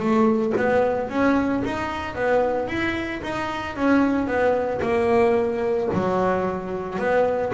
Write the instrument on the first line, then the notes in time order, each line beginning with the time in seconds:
double bass
0.00 A3
0.57 B3
1.10 C#4
1.65 D#4
2.16 B3
2.68 E4
3.23 D#4
3.76 C#4
4.28 B3
4.82 A#3
5.94 F#3
6.99 B3